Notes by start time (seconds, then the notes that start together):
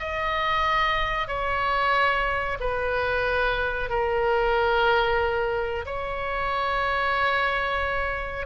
0.00 D#5
1.28 C#5
2.61 B4
3.90 A#4
5.86 C#5